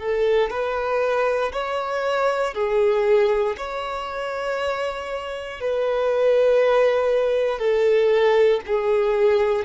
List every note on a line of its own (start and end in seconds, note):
0.00 0.51 A4
0.51 1.53 B4
1.53 2.55 C#5
2.55 3.56 G#4
3.58 5.61 C#5
5.61 7.59 B4
7.59 8.61 A4
8.67 9.66 G#4